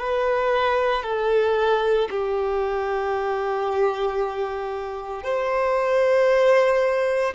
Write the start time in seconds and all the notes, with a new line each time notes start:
0.00 B4
1.04 A4
2.11 G4
5.24 C5